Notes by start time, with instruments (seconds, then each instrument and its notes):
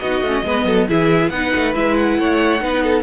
0.00 cello B3, viola D#4, violin F#4 D#5
0.21 cello A3, viola C#4
0.43 cello G#3, viola B3, violin B4
0.65 cello F#3, violin A4
0.88 cello E3, viola E4, violin G#4 E5
1.30 cello B3, viola D#4, violin B4 F#5
1.56 cello A3
1.74 cello G#3, viola E4, violin E5
1.97 violin F#5
2.18 cello A3, violin C#5
2.59 cello B3, viola D#4, violin B4
2.83 violin A4